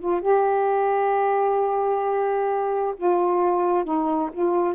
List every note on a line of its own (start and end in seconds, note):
0.00 0.22 F4
0.22 2.95 G4
2.97 3.85 F4
3.85 4.30 D#4
4.33 4.76 F4